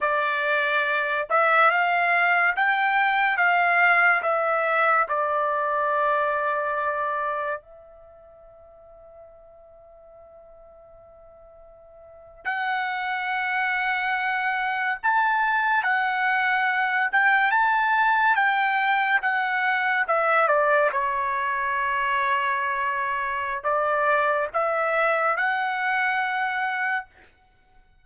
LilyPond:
\new Staff \with { instrumentName = "trumpet" } { \time 4/4 \tempo 4 = 71 d''4. e''8 f''4 g''4 | f''4 e''4 d''2~ | d''4 e''2.~ | e''2~ e''8. fis''4~ fis''16~ |
fis''4.~ fis''16 a''4 fis''4~ fis''16~ | fis''16 g''8 a''4 g''4 fis''4 e''16~ | e''16 d''8 cis''2.~ cis''16 | d''4 e''4 fis''2 | }